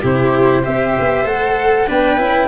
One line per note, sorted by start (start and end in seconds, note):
0.00 0.65 C3
0.00 0.63 E4
0.00 0.62 G4
0.00 0.65 C5
0.63 0.98 C4
0.63 1.25 G4
0.63 1.87 C5
0.63 1.27 E5
0.99 1.24 B3
1.24 1.86 A3
1.24 1.86 A4
1.24 1.89 F#5
1.86 2.19 B3
1.86 2.17 D4
1.86 2.48 B4
1.86 2.48 G5
2.17 2.48 C#4
2.17 2.48 E4